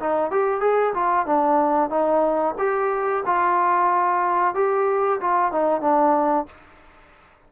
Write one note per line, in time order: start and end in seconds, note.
0.00 0.31 D#4
0.31 0.61 G4
0.61 0.94 G#4
0.94 1.27 F4
1.27 1.90 D4
1.90 2.55 D#4
2.58 3.24 G4
3.26 4.55 F4
4.55 5.20 G4
5.21 5.52 F4
5.52 5.81 D#4
5.81 6.46 D4